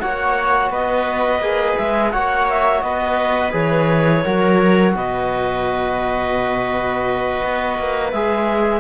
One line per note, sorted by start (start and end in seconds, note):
0.00 0.70 A#3
0.00 1.42 F#4
0.00 0.71 C#5
0.00 0.71 F#5
0.70 1.40 B3
0.70 2.12 B4
0.70 1.78 D#5
1.40 1.75 A#3
1.40 2.12 G#4
1.78 2.14 G#3
1.78 2.11 E5
2.11 2.83 A#3
2.11 3.52 F#4
2.11 2.83 C#5
2.11 2.47 F#5
2.50 2.82 E5
2.82 3.53 B3
2.82 4.25 B4
2.82 3.53 D#5
3.52 4.24 E3
3.52 4.23 G#4
3.52 4.95 C#5
4.25 4.95 F#3
4.25 8.13 F#4
4.25 4.96 A#4
4.95 7.42 B2
4.95 8.81 B4
4.95 8.11 D#5
7.44 7.79 B3
7.79 8.13 A#3
8.11 8.81 G#3
8.11 8.81 G#4
8.11 8.81 E5